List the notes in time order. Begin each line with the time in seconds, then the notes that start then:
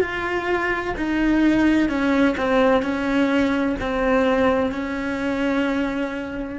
0.00 F4
0.96 D#4
1.88 C#4
2.37 C4
2.82 C#4
3.80 C4
4.71 C#4